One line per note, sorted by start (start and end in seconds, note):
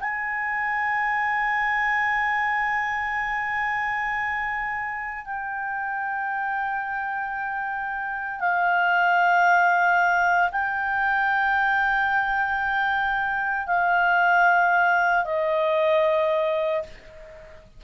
0.00 5.25 G#5
5.25 8.40 G5
8.40 10.50 F5
10.52 13.67 G5
13.67 15.25 F5
15.25 16.83 D#5